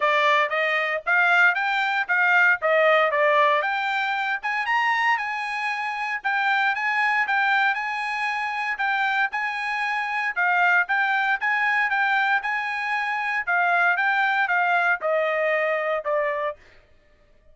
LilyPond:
\new Staff \with { instrumentName = "trumpet" } { \time 4/4 \tempo 4 = 116 d''4 dis''4 f''4 g''4 | f''4 dis''4 d''4 g''4~ | g''8 gis''8 ais''4 gis''2 | g''4 gis''4 g''4 gis''4~ |
gis''4 g''4 gis''2 | f''4 g''4 gis''4 g''4 | gis''2 f''4 g''4 | f''4 dis''2 d''4 | }